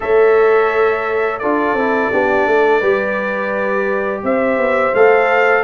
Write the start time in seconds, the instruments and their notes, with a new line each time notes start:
0.00 tuba A3, trombone A4, horn C#5, trumpet E5
1.38 tuba D4, trombone F4, horn A4, trumpet D5
1.73 tuba C4, trombone E4
2.12 tuba B3, trombone D4, horn G4
2.46 tuba A3, horn A4
2.79 tuba G3, trombone G4, horn B4
4.23 tuba C4, horn C5, trumpet E5
4.57 tuba B3
4.94 tuba A3, trombone A4, trumpet F5